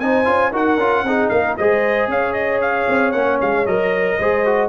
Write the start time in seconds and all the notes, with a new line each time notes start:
0.00 C4 D#4 C5 G#5
0.25 C#4 F4
0.52 D#4 F#4 A#4 F#5
0.77 C#4 F4
1.03 C4 D#4 G#4
1.29 A#3 A#4 F5
1.57 G#3 G#4 C5 D#5
2.08 C#4 C#5 F5
2.33 D#5
2.62 F5
2.88 C4
3.12 A#3 C#4 F#5
3.41 G#3 F5
3.67 F#3 A#4 D#5
4.19 G#3 G#4 C5
4.46 F#4